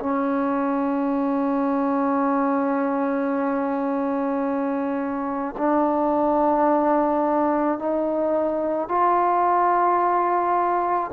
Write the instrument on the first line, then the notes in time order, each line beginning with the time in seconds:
trombone
0.00 C#4
5.58 D4
7.79 D#4
8.89 F4